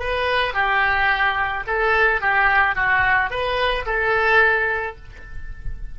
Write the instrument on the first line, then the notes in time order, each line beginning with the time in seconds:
oboe
0.00 B4
0.54 G4
1.68 A4
2.22 G4
2.76 F#4
3.31 B4
3.86 A4